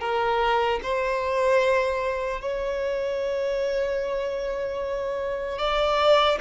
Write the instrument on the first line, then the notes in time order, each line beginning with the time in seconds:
violin
0.00 A#4
0.83 C5
2.41 C#5
5.58 D5